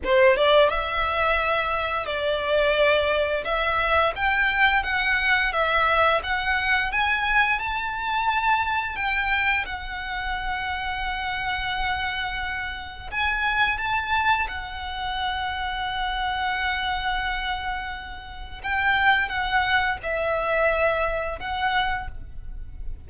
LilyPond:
\new Staff \with { instrumentName = "violin" } { \time 4/4 \tempo 4 = 87 c''8 d''8 e''2 d''4~ | d''4 e''4 g''4 fis''4 | e''4 fis''4 gis''4 a''4~ | a''4 g''4 fis''2~ |
fis''2. gis''4 | a''4 fis''2.~ | fis''2. g''4 | fis''4 e''2 fis''4 | }